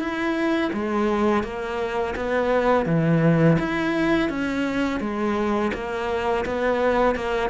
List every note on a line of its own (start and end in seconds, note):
0.00 0.71 E4
0.74 1.44 G#3
1.44 2.15 A#3
2.16 2.86 B3
2.86 3.58 E3
3.59 4.30 E4
4.30 5.01 C#4
5.01 5.72 G#3
5.74 6.46 A#3
6.46 7.16 B3
7.16 7.50 A#3